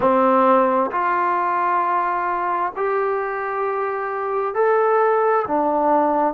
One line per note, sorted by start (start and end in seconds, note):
0.00 0.90 C4
0.91 2.73 F4
2.76 4.54 G4
4.54 5.45 A4
5.47 6.33 D4